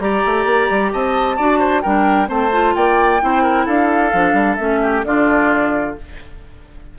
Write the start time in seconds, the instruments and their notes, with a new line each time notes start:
0.00 bassoon G3, clarinet G4, oboe D5, flute A#5
0.26 bassoon A3
0.46 bassoon A#3
0.71 bassoon G3
0.93 bassoon C4, oboe D#5, flute A5
1.37 bassoon D4, clarinet F#4, oboe D5
1.60 oboe C5
1.82 bassoon G3, clarinet D4, oboe A#4, flute G5
2.27 bassoon A3, clarinet C4, oboe C5, flute A5
2.53 clarinet F4
2.75 bassoon A#3, oboe D5, flute G5
3.21 bassoon C4, clarinet E4, oboe C5
3.43 oboe A#4
3.66 bassoon D4, oboe A4, flute F5
4.14 bassoon F3, clarinet D4
4.34 bassoon G3
4.56 bassoon A3, clarinet C#4, flute E5
4.83 oboe G4
5.05 bassoon D3, clarinet D4, oboe F4, flute D5